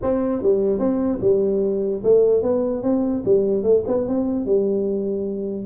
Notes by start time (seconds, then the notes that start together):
0.02 C4
0.42 G3
0.79 C4
1.21 G3
2.03 A3
2.42 B3
2.82 C4
3.25 G3
3.63 A3
3.87 B3
4.07 C4
4.45 G3